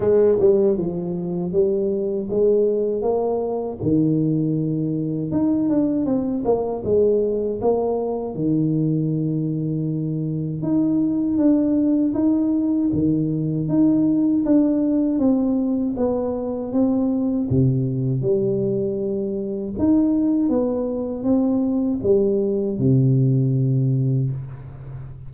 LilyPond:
\new Staff \with { instrumentName = "tuba" } { \time 4/4 \tempo 4 = 79 gis8 g8 f4 g4 gis4 | ais4 dis2 dis'8 d'8 | c'8 ais8 gis4 ais4 dis4~ | dis2 dis'4 d'4 |
dis'4 dis4 dis'4 d'4 | c'4 b4 c'4 c4 | g2 dis'4 b4 | c'4 g4 c2 | }